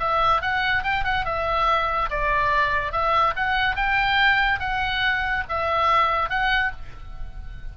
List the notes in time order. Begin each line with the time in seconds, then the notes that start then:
0.00 E5
0.42 F#5
0.84 G5
1.04 F#5
1.25 E5
2.10 D5
2.92 E5
3.36 F#5
3.76 G5
4.60 F#5
5.49 E5
6.30 F#5